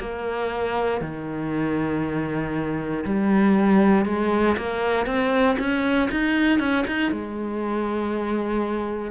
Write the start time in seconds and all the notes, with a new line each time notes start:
0.00 A#3
1.01 D#3
3.05 G3
4.05 G#3
4.58 A#3
5.07 C4
5.59 C#4
6.11 D#4
6.60 C#4
6.87 D#4
7.11 G#3